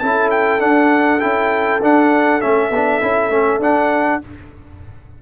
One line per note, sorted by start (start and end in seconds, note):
0.00 0.62 C#4
0.00 0.60 E4
0.00 4.22 A4
0.00 0.30 A5
0.31 0.61 G5
0.60 1.20 D4
0.60 1.23 D4
0.60 1.20 F#5
1.20 1.82 C#4
1.20 1.80 E4
1.20 1.80 G5
1.82 2.42 D4
1.82 2.42 F#5
2.42 2.71 A3
2.42 2.72 C#4
2.42 3.62 E5
2.71 3.00 B3
2.71 3.02 D4
3.02 3.30 C#4
3.02 3.31 E4
3.30 3.60 A3
3.30 3.61 C#4
3.60 4.20 D4
3.60 4.22 D4
3.60 4.23 F#5